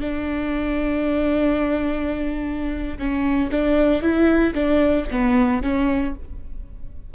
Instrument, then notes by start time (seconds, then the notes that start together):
viola
0.00 D4
2.98 C#4
3.51 D4
4.01 E4
4.54 D4
5.11 B3
5.62 C#4